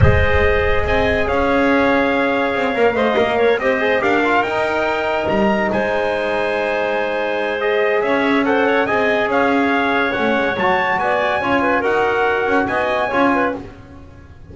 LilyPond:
<<
  \new Staff \with { instrumentName = "trumpet" } { \time 4/4 \tempo 4 = 142 dis''2 gis''4 f''4~ | f''1~ | f''8 dis''4 f''4 g''4.~ | g''8 ais''4 gis''2~ gis''8~ |
gis''2 dis''4 e''4 | fis''4 gis''4 f''2 | fis''4 a''4 gis''2 | fis''2 gis''2 | }
  \new Staff \with { instrumentName = "clarinet" } { \time 4/4 c''2 dis''4 cis''4~ | cis''2. dis''4 | cis''8 c''4 ais'2~ ais'8~ | ais'4. c''2~ c''8~ |
c''2. cis''4 | c''8 cis''8 dis''4 cis''2~ | cis''2 d''4 cis''8 b'8 | ais'2 dis''4 cis''8 b'8 | }
  \new Staff \with { instrumentName = "trombone" } { \time 4/4 gis'1~ | gis'2~ gis'8 ais'8 c''8 ais'8~ | ais'8 g'8 gis'8 g'8 f'8 dis'4.~ | dis'1~ |
dis'2 gis'2 | a'4 gis'2. | cis'4 fis'2 f'4 | fis'2. f'4 | }
  \new Staff \with { instrumentName = "double bass" } { \time 4/4 gis2 c'4 cis'4~ | cis'2 c'8 ais8 a8 ais8~ | ais8 c'4 d'4 dis'4.~ | dis'8 g4 gis2~ gis8~ |
gis2. cis'4~ | cis'4 c'4 cis'2 | a8 gis8 fis4 b4 cis'4 | dis'4. cis'8 b4 cis'4 | }
>>